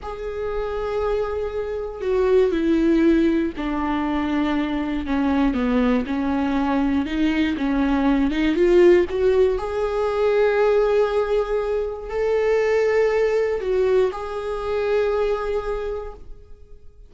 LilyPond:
\new Staff \with { instrumentName = "viola" } { \time 4/4 \tempo 4 = 119 gis'1 | fis'4 e'2 d'4~ | d'2 cis'4 b4 | cis'2 dis'4 cis'4~ |
cis'8 dis'8 f'4 fis'4 gis'4~ | gis'1 | a'2. fis'4 | gis'1 | }